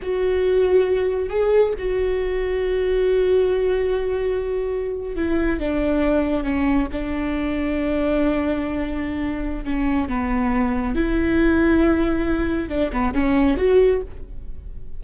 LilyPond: \new Staff \with { instrumentName = "viola" } { \time 4/4 \tempo 4 = 137 fis'2. gis'4 | fis'1~ | fis'2.~ fis'8. e'16~ | e'8. d'2 cis'4 d'16~ |
d'1~ | d'2 cis'4 b4~ | b4 e'2.~ | e'4 d'8 b8 cis'4 fis'4 | }